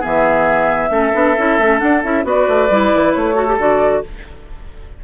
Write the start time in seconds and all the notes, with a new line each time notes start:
0.00 E3 B3 G#4 E5
0.90 A3 C#4 A4
1.13 B3 D4
1.38 C#4 E4
1.58 A3 C#4
1.79 D4 F#5
2.03 C#4 E4 E5
2.24 B3 F#4 B4 D5
2.48 A3
2.70 G3 E4
2.94 E3
3.13 A3 C#5
3.35 F#4 A4
3.47 G4
3.58 D3 F#4 D5